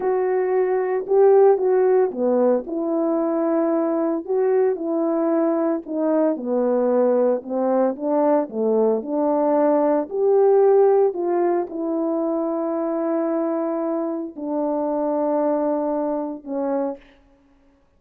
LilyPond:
\new Staff \with { instrumentName = "horn" } { \time 4/4 \tempo 4 = 113 fis'2 g'4 fis'4 | b4 e'2. | fis'4 e'2 dis'4 | b2 c'4 d'4 |
a4 d'2 g'4~ | g'4 f'4 e'2~ | e'2. d'4~ | d'2. cis'4 | }